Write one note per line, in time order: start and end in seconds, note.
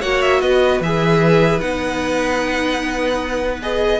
0.00 0.42 A#3
0.00 0.82 F#4
0.00 0.40 C#5
0.00 0.21 F#5
0.21 0.41 E5
0.41 0.80 B3
0.41 4.00 B4
0.41 0.81 D#5
0.80 1.60 E3
0.80 1.60 G#4
0.80 1.60 E5
1.60 4.00 B3
1.60 3.60 D#4
1.60 3.60 F#5
3.62 4.00 G#4
3.62 4.00 D#5